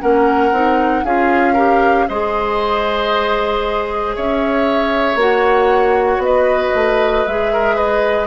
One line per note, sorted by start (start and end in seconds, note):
0.00 0.51 A#3
0.00 0.52 C#4
0.00 1.04 A#4
0.00 1.04 F#5
0.51 1.03 C4
0.51 1.05 D#4
1.04 2.07 C#4
1.04 1.56 F4
1.04 1.53 G#4
1.04 2.08 F5
1.53 2.08 G4
1.53 2.05 A#4
2.08 4.16 G#3
2.08 5.19 G#4
2.08 4.15 C5
2.08 4.15 D#5
4.15 5.15 C#4
4.15 6.22 C#5
4.15 5.19 E5
5.15 6.17 A#3
5.15 7.26 F#4
5.15 6.23 F#5
6.17 6.69 B3
6.23 7.52 B4
6.23 7.27 D#5
6.74 7.26 A3
7.27 8.27 G#3
7.27 8.27 G#4
7.27 7.78 E5
7.52 7.75 A#4
7.75 8.27 B4
7.75 8.27 D#5